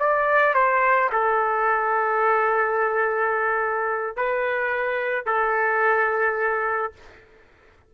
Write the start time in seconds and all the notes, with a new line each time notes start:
0.00 D5
0.55 C5
1.13 A4
4.17 B4
5.26 A4